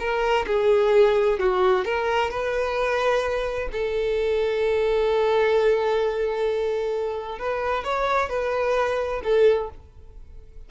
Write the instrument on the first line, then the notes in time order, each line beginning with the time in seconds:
violin
0.00 A#4
0.47 G#4
1.40 F#4
1.85 A#4
2.31 B4
3.72 A4
7.39 B4
7.85 C#5
8.30 B4
9.24 A4